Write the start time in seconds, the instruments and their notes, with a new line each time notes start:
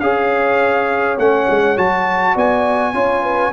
0.00 tuba C#4, trombone G#4, horn C#5, trumpet F5
1.18 tuba A3, trombone C#4, trumpet F#5
1.49 tuba G#3
1.76 tuba F#3, trombone F#4, trumpet A5
2.33 tuba B3, horn D5, trumpet G#5
2.93 tuba C#4, trombone F4, horn C#5
3.23 horn B4